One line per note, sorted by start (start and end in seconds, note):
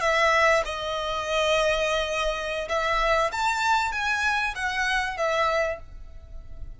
0.00 0.62 E5
0.65 2.68 D#5
2.68 3.31 E5
3.32 3.91 A5
3.91 4.54 G#5
4.55 5.17 F#5
5.17 5.80 E5